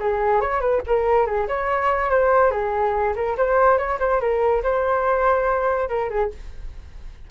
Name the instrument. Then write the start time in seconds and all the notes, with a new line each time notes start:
flute
0.00 G#4
0.41 C#5
0.61 B4
0.87 A#4
1.27 G#4
1.48 C#5
2.11 C5
2.51 G#4
3.16 A#4
3.38 C5
3.78 C#5
4.00 C5
4.21 A#4
4.63 C5
5.89 A#4
6.10 G#4